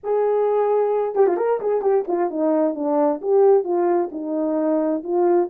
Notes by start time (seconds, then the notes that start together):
0.03 G#4
1.15 G4
1.26 F4
1.37 A#4
1.60 G#4
1.81 G4
2.07 F4
2.30 D#4
2.75 D4
3.21 G4
3.63 F4
4.11 D#4
5.03 F4